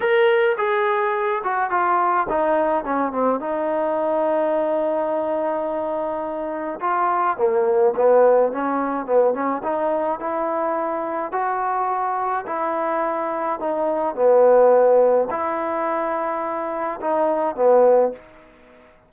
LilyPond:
\new Staff \with { instrumentName = "trombone" } { \time 4/4 \tempo 4 = 106 ais'4 gis'4. fis'8 f'4 | dis'4 cis'8 c'8 dis'2~ | dis'1 | f'4 ais4 b4 cis'4 |
b8 cis'8 dis'4 e'2 | fis'2 e'2 | dis'4 b2 e'4~ | e'2 dis'4 b4 | }